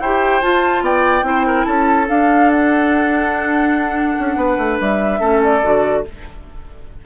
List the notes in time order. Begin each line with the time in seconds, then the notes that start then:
0.00 E4 G4 C5 G5
0.42 F4 A5
0.82 B3 D5 G5
1.23 C4 E4 C5
1.47 A#4
1.65 C#4 A4 A5
2.08 D4 F5
2.51 F#5
4.19 C#4
4.36 B3 B4
4.58 A3
4.80 G3 E5
5.20 A3 C#4 A4
5.43 D5
5.62 D3 F#4